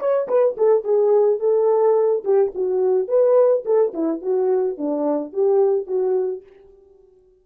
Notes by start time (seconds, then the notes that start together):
0.00 C#5
0.28 B4
0.57 A4
0.84 G#4
1.40 A4
2.25 G4
2.55 F#4
3.08 B4
3.66 A4
3.94 E4
4.22 F#4
4.78 D4
5.33 G4
5.87 F#4